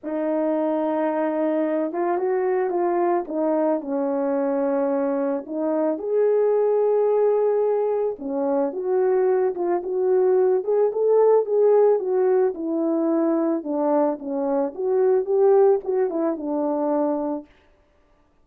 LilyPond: \new Staff \with { instrumentName = "horn" } { \time 4/4 \tempo 4 = 110 dis'2.~ dis'8 f'8 | fis'4 f'4 dis'4 cis'4~ | cis'2 dis'4 gis'4~ | gis'2. cis'4 |
fis'4. f'8 fis'4. gis'8 | a'4 gis'4 fis'4 e'4~ | e'4 d'4 cis'4 fis'4 | g'4 fis'8 e'8 d'2 | }